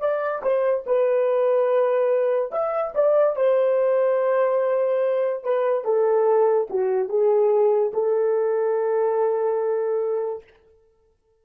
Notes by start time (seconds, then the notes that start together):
0.00 D5
0.43 C5
0.87 B4
2.52 E5
2.95 D5
3.36 C5
5.44 B4
5.85 A4
6.70 F#4
7.09 G#4
7.94 A4